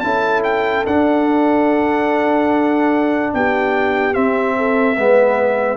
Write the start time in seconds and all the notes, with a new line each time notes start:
0.00 C#4 E4 A4 A5
0.44 G5
0.87 D4 F#5
3.34 B3 G4 G5
4.13 C4 E5
4.57 A4
4.97 G#3 B3 B4